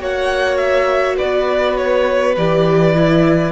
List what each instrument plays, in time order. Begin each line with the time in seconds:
0.00 cello A#3, viola F#4, violin C#5 F#5
0.58 violin E5
1.16 cello B3, violin B4 D5
1.77 violin C#5
2.37 cello E3, viola G4, violin D5
2.94 viola E4